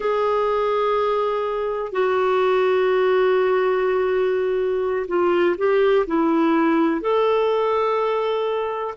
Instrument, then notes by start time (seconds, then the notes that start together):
clarinet
0.00 G#4
1.91 F#4
5.07 F4
5.57 G4
6.07 E4
7.01 A4